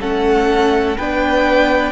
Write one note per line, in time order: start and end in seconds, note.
0.00 0.97 A3
0.00 0.97 C#4
0.00 0.98 A4
0.00 0.98 F#5
0.98 1.92 B3
0.98 1.92 D4
0.98 1.92 B4
0.98 1.92 G5